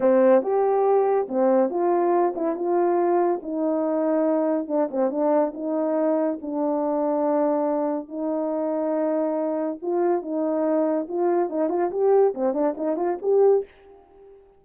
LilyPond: \new Staff \with { instrumentName = "horn" } { \time 4/4 \tempo 4 = 141 c'4 g'2 c'4 | f'4. e'8 f'2 | dis'2. d'8 c'8 | d'4 dis'2 d'4~ |
d'2. dis'4~ | dis'2. f'4 | dis'2 f'4 dis'8 f'8 | g'4 c'8 d'8 dis'8 f'8 g'4 | }